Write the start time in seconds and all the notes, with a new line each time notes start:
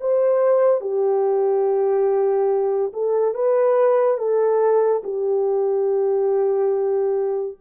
0.00 C5
0.81 G4
2.93 A4
3.34 B4
4.17 A4
5.04 G4